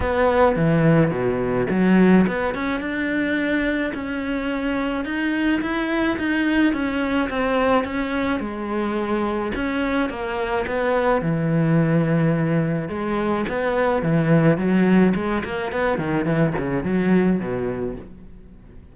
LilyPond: \new Staff \with { instrumentName = "cello" } { \time 4/4 \tempo 4 = 107 b4 e4 b,4 fis4 | b8 cis'8 d'2 cis'4~ | cis'4 dis'4 e'4 dis'4 | cis'4 c'4 cis'4 gis4~ |
gis4 cis'4 ais4 b4 | e2. gis4 | b4 e4 fis4 gis8 ais8 | b8 dis8 e8 cis8 fis4 b,4 | }